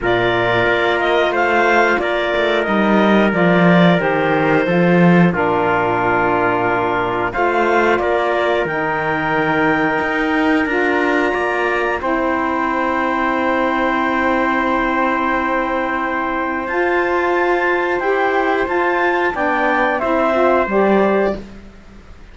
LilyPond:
<<
  \new Staff \with { instrumentName = "clarinet" } { \time 4/4 \tempo 4 = 90 d''4. dis''8 f''4 d''4 | dis''4 d''4 c''2 | ais'2. f''4 | d''4 g''2. |
ais''2 g''2~ | g''1~ | g''4 a''2 g''4 | a''4 g''4 e''4 d''4 | }
  \new Staff \with { instrumentName = "trumpet" } { \time 4/4 ais'2 c''4 ais'4~ | ais'2. a'4 | f'2. c''4 | ais'1~ |
ais'4 d''4 c''2~ | c''1~ | c''1~ | c''4 d''4 c''2 | }
  \new Staff \with { instrumentName = "saxophone" } { \time 4/4 f'1 | dis'4 f'4 g'4 f'4 | d'2. f'4~ | f'4 dis'2. |
f'2 e'2~ | e'1~ | e'4 f'2 g'4 | f'4 d'4 e'8 f'8 g'4 | }
  \new Staff \with { instrumentName = "cello" } { \time 4/4 ais,4 ais4 a4 ais8 a8 | g4 f4 dis4 f4 | ais,2. a4 | ais4 dis2 dis'4 |
d'4 ais4 c'2~ | c'1~ | c'4 f'2 e'4 | f'4 b4 c'4 g4 | }
>>